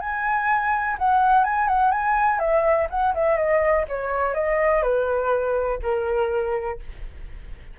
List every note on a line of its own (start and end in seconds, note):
0.00 0.97 G#5
0.98 1.44 F#5
1.44 1.68 G#5
1.68 1.91 F#5
1.91 2.39 G#5
2.39 2.87 E5
2.90 3.14 F#5
3.14 3.37 E5
3.37 3.85 D#5
3.88 4.34 C#5
4.34 4.82 D#5
4.82 5.79 B4
5.82 6.79 A#4